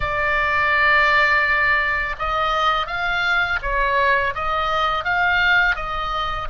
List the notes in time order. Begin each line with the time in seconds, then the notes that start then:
0.00 D5
2.18 D#5
2.87 F5
3.61 C#5
4.34 D#5
5.04 F5
5.75 D#5